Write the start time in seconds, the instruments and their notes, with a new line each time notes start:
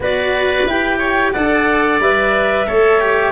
0.00 tuba B3, cello F#4, oboe B4, clarinet D5
0.66 tuba E4, cello G4, clarinet G5
0.98 oboe C#5
1.32 tuba D4, cello A4, oboe D5, clarinet F#5
1.99 tuba G3, cello B4, clarinet E5
2.67 tuba A3, cello A4, oboe C#5
3.00 cello G4